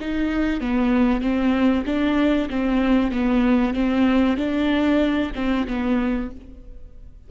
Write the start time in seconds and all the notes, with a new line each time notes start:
0.00 D#4
0.60 B3
1.21 C4
1.86 D4
2.50 C4
3.11 B3
3.74 C4
4.37 D4
5.35 C4
5.67 B3